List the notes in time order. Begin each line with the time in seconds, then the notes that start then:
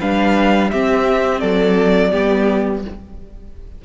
0.00 G3 D4 B4 F5
0.71 C4 G4 E5
1.40 F#3 A4 D5
2.11 G3 B3 G4